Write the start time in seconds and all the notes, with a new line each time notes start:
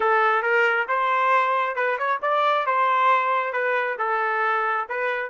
0.00 A4
0.42 A#4
0.87 C5
1.75 B4
1.98 C#5
2.22 D5
2.66 C5
3.52 B4
3.98 A4
4.89 B4